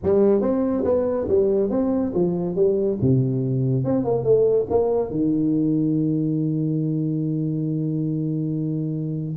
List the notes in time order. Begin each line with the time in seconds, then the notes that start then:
0.03 G3
0.41 C4
0.84 B3
1.28 G3
1.70 C4
2.14 F3
2.55 G3
3.01 C3
3.84 C4
4.04 A#3
4.23 A3
4.69 A#3
5.10 D#3